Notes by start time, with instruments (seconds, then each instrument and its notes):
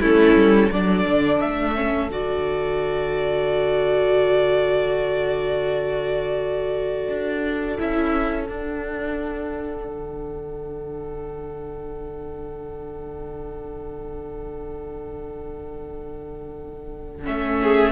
0.00 cello A3, viola C#4, violin E4 A4
0.35 cello G3
0.70 cello F#3, viola D4, violin A4 D5
1.07 cello D3
1.40 cello A3, violin E5
1.75 viola C#4
2.09 cello D3, viola F#4, violin D5
7.08 cello D4
7.77 cello C#4, viola E4, violin E5
8.45 viola D4, cello D4, violin F#5
9.86 cello D3
17.24 cello A3, viola C#4, violin E5
17.62 violin G#4